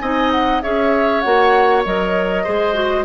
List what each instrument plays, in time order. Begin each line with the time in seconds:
0.00 bassoon C4, clarinet D#4, oboe D#5, flute G#5
0.31 flute F#5
0.62 bassoon C#4, clarinet G#4, oboe C#5, flute E5
1.21 bassoon A#3, clarinet F#4, flute F#5
1.85 bassoon F#3, clarinet A#4, flute D#5
2.43 bassoon G#3, clarinet G#4, oboe C5
2.74 clarinet F#4